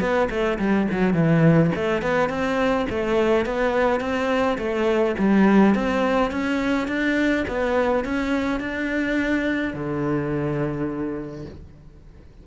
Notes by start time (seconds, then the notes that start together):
0.00 B3
0.30 A3
0.58 G3
0.91 F#3
1.14 E3
1.75 A3
2.02 B3
2.29 C4
2.89 A3
3.45 B3
4.00 C4
4.58 A3
5.18 G3
5.75 C4
6.31 C#4
6.87 D4
7.47 B3
8.04 C#4
8.59 D4
9.73 D3